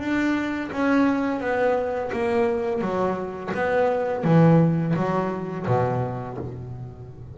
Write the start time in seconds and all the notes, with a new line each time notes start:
0.00 D4
0.73 C#4
1.41 B3
2.13 A#3
2.82 F#3
3.55 B3
4.24 E3
4.96 F#3
5.67 B2